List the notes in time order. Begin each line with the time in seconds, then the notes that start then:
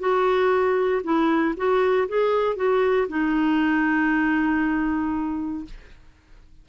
0.00 F#4
1.04 E4
1.57 F#4
2.09 G#4
2.57 F#4
3.09 D#4